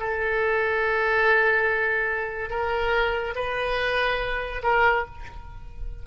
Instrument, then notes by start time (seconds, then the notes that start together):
oboe
0.00 A4
2.50 A#4
3.36 B4
4.63 A#4